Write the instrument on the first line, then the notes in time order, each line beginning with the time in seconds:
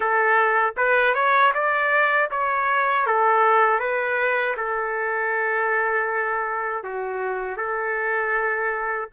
trumpet
0.00 A4
0.76 B4
1.14 C#5
1.54 D5
2.30 C#5
3.06 A4
3.79 B4
4.56 A4
6.83 F#4
7.57 A4